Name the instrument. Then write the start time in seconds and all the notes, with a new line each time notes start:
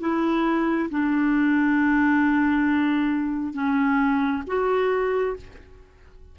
clarinet
0.00 E4
0.90 D4
3.54 C#4
4.47 F#4